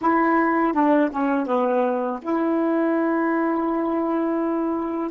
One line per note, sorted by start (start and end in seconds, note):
0.01 0.73 E4
0.73 1.09 D4
1.11 1.46 C#4
1.46 2.19 B3
2.22 5.11 E4